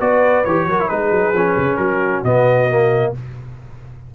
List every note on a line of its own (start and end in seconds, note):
0.00 0.45 B3
0.00 0.45 F#4
0.00 0.67 B4
0.00 0.45 D5
0.45 0.66 E3
0.45 0.70 G4
0.45 0.89 C#5
0.66 0.89 F#3
0.66 0.80 F#4
0.66 0.91 A#4
0.80 0.90 E4
0.89 1.11 G#3
0.89 1.35 D#4
0.89 1.79 G#4
0.89 1.77 B4
1.11 1.33 F#3
1.33 1.56 F3
1.33 2.25 C#4
1.57 1.78 C#3
1.77 2.23 F#3
1.77 3.13 F#4
1.77 2.21 A#4
2.24 3.13 B2
2.24 2.70 B3
2.24 3.14 D#5
2.70 3.15 A#3